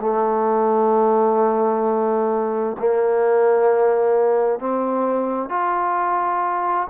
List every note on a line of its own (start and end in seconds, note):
0.00 2.77 A3
2.79 4.59 A#3
4.59 5.49 C4
5.49 6.88 F4